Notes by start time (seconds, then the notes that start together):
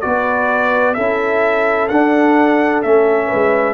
0.00 B3 F#4 B4 D5
0.94 C#4 E4 A4 E5
1.88 D4 F#5
2.82 A3 C#4 E5
3.26 B4
3.33 G#3